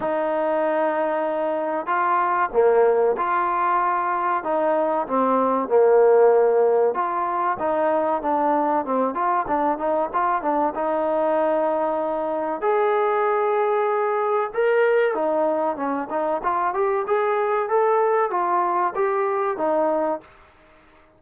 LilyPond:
\new Staff \with { instrumentName = "trombone" } { \time 4/4 \tempo 4 = 95 dis'2. f'4 | ais4 f'2 dis'4 | c'4 ais2 f'4 | dis'4 d'4 c'8 f'8 d'8 dis'8 |
f'8 d'8 dis'2. | gis'2. ais'4 | dis'4 cis'8 dis'8 f'8 g'8 gis'4 | a'4 f'4 g'4 dis'4 | }